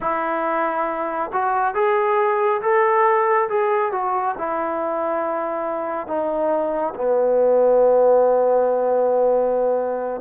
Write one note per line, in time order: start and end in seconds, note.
0.00 1.31 E4
1.32 1.74 F#4
1.74 2.61 G#4
2.61 3.48 A4
3.48 3.91 G#4
3.91 4.35 F#4
4.38 6.07 E4
6.07 6.94 D#4
6.95 10.21 B3